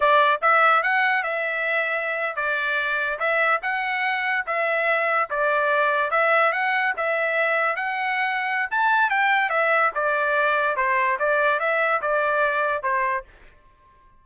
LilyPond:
\new Staff \with { instrumentName = "trumpet" } { \time 4/4 \tempo 4 = 145 d''4 e''4 fis''4 e''4~ | e''4.~ e''16 d''2 e''16~ | e''8. fis''2 e''4~ e''16~ | e''8. d''2 e''4 fis''16~ |
fis''8. e''2 fis''4~ fis''16~ | fis''4 a''4 g''4 e''4 | d''2 c''4 d''4 | e''4 d''2 c''4 | }